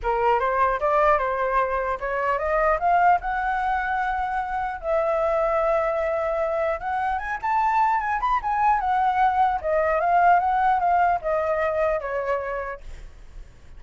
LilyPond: \new Staff \with { instrumentName = "flute" } { \time 4/4 \tempo 4 = 150 ais'4 c''4 d''4 c''4~ | c''4 cis''4 dis''4 f''4 | fis''1 | e''1~ |
e''4 fis''4 gis''8 a''4. | gis''8 b''8 gis''4 fis''2 | dis''4 f''4 fis''4 f''4 | dis''2 cis''2 | }